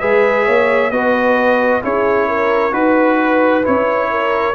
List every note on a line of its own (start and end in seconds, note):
0.00 0.48 G#3
0.00 0.92 G#4
0.00 0.46 B4
0.00 0.91 E5
0.46 0.91 A#3
0.46 0.91 C#5
0.91 1.82 B3
0.91 1.83 F#4
0.91 1.83 B4
0.91 1.82 D#5
1.83 2.73 C#4
1.83 2.72 E4
1.83 2.28 G#4
1.83 2.74 C#5
2.28 2.74 A#4
2.72 3.64 D#4
2.72 3.63 F#4
2.72 3.65 B4
2.72 4.11 B4
3.63 4.55 C#4
3.63 4.54 E4
3.63 4.55 C#5
4.11 4.55 A#4